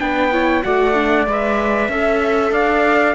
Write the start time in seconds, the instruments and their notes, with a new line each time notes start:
0.00 cello B3, viola D4, flute B4, trumpet G5
0.33 viola E4, flute C#5
0.63 cello A3, viola F#4, flute D5, trumpet F#5
0.94 viola D4
1.27 cello G#3, viola B4, trumpet E5
1.89 cello C#4, viola A4, flute E5
2.52 cello D4, flute D5, trumpet F5